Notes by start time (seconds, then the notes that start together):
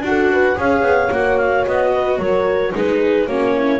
0.00 D4 F#4 F#5
0.07 A4
0.32 B4
0.55 C#4 G#4 C#5 F5
0.82 B3
1.11 A#3 F#4 F#5
1.37 F5
1.66 B3 D#5
1.93 B4
2.18 F#3 A#4 C#5
2.72 G#3 D#4 G#4 B4
3.26 A#3 C#4 F#4 C#5
3.55 E4